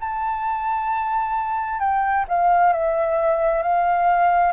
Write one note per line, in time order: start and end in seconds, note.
0.00 1.80 A5
1.80 2.25 G5
2.28 2.73 F5
2.73 3.63 E5
3.63 4.53 F5